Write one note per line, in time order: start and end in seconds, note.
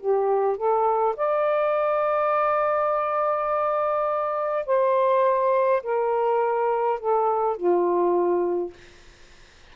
0.00 0.57 G4
0.57 1.16 A4
1.17 4.66 D5
4.67 5.83 C5
5.83 7.00 A#4
7.00 7.57 A4
7.57 8.74 F4